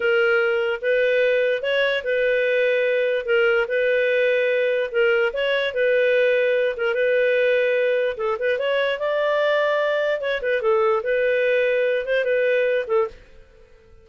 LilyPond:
\new Staff \with { instrumentName = "clarinet" } { \time 4/4 \tempo 4 = 147 ais'2 b'2 | cis''4 b'2. | ais'4 b'2. | ais'4 cis''4 b'2~ |
b'8 ais'8 b'2. | a'8 b'8 cis''4 d''2~ | d''4 cis''8 b'8 a'4 b'4~ | b'4. c''8 b'4. a'8 | }